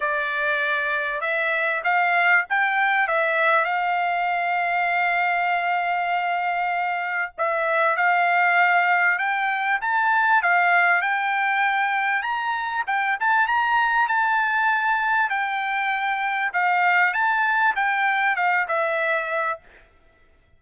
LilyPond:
\new Staff \with { instrumentName = "trumpet" } { \time 4/4 \tempo 4 = 98 d''2 e''4 f''4 | g''4 e''4 f''2~ | f''1 | e''4 f''2 g''4 |
a''4 f''4 g''2 | ais''4 g''8 a''8 ais''4 a''4~ | a''4 g''2 f''4 | a''4 g''4 f''8 e''4. | }